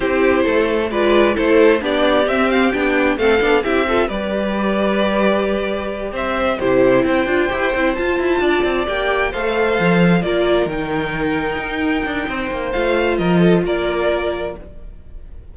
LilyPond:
<<
  \new Staff \with { instrumentName = "violin" } { \time 4/4 \tempo 4 = 132 c''2 d''4 c''4 | d''4 e''8 f''8 g''4 f''4 | e''4 d''2.~ | d''4. e''4 c''4 g''8~ |
g''4. a''2 g''8~ | g''8 f''2 d''4 g''8~ | g''1 | f''4 dis''4 d''2 | }
  \new Staff \with { instrumentName = "violin" } { \time 4/4 g'4 a'4 b'4 a'4 | g'2. a'4 | g'8 a'8 b'2.~ | b'4. c''4 g'4 c''8~ |
c''2~ c''8 d''4.~ | d''8 c''2 ais'4.~ | ais'2. c''4~ | c''4 ais'8 a'8 ais'2 | }
  \new Staff \with { instrumentName = "viola" } { \time 4/4 e'2 f'4 e'4 | d'4 c'4 d'4 c'8 d'8 | e'8 f'8 g'2.~ | g'2~ g'8 e'4. |
f'8 g'8 e'8 f'2 g'8~ | g'8 a'2 f'4 dis'8~ | dis'1 | f'1 | }
  \new Staff \with { instrumentName = "cello" } { \time 4/4 c'4 a4 gis4 a4 | b4 c'4 b4 a8 b8 | c'4 g2.~ | g4. c'4 c4 c'8 |
d'8 e'8 c'8 f'8 e'8 d'8 c'8 ais8~ | ais8 a4 f4 ais4 dis8~ | dis4. dis'4 d'8 c'8 ais8 | a4 f4 ais2 | }
>>